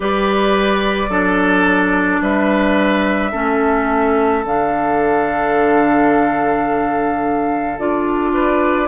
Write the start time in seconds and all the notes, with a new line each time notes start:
0.00 G3 G4 B4 D5
1.09 F#3 D4 A4
2.20 G3 B4 E5
3.31 A3 C#4 A4
4.44 D3 D4 F5
7.78 D4 F4 D5
8.33 B4